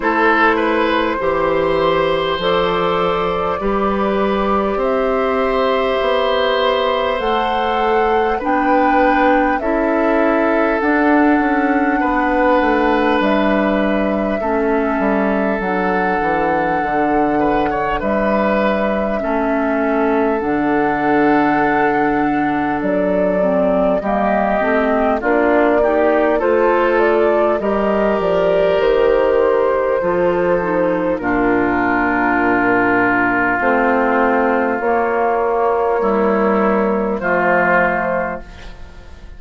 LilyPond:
<<
  \new Staff \with { instrumentName = "flute" } { \time 4/4 \tempo 4 = 50 c''2 d''2 | e''2 fis''4 g''4 | e''4 fis''2 e''4~ | e''4 fis''2 e''4~ |
e''4 fis''2 d''4 | dis''4 d''4 c''8 d''8 dis''8 d''8 | c''2 ais'2 | c''4 cis''2 c''4 | }
  \new Staff \with { instrumentName = "oboe" } { \time 4/4 a'8 b'8 c''2 b'4 | c''2. b'4 | a'2 b'2 | a'2~ a'8 b'16 cis''16 b'4 |
a'1 | g'4 f'8 g'8 a'4 ais'4~ | ais'4 a'4 f'2~ | f'2 e'4 f'4 | }
  \new Staff \with { instrumentName = "clarinet" } { \time 4/4 e'4 g'4 a'4 g'4~ | g'2 a'4 d'4 | e'4 d'2. | cis'4 d'2. |
cis'4 d'2~ d'8 c'8 | ais8 c'8 d'8 dis'8 f'4 g'4~ | g'4 f'8 dis'8 d'2 | c'4 ais4 g4 a4 | }
  \new Staff \with { instrumentName = "bassoon" } { \time 4/4 a4 e4 f4 g4 | c'4 b4 a4 b4 | cis'4 d'8 cis'8 b8 a8 g4 | a8 g8 fis8 e8 d4 g4 |
a4 d2 fis4 | g8 a8 ais4 a4 g8 f8 | dis4 f4 ais,2 | a4 ais2 f4 | }
>>